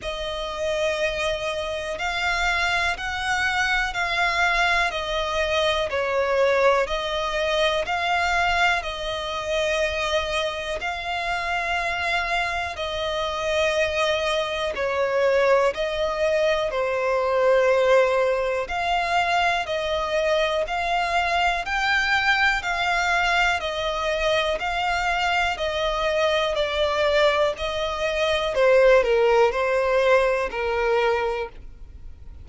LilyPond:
\new Staff \with { instrumentName = "violin" } { \time 4/4 \tempo 4 = 61 dis''2 f''4 fis''4 | f''4 dis''4 cis''4 dis''4 | f''4 dis''2 f''4~ | f''4 dis''2 cis''4 |
dis''4 c''2 f''4 | dis''4 f''4 g''4 f''4 | dis''4 f''4 dis''4 d''4 | dis''4 c''8 ais'8 c''4 ais'4 | }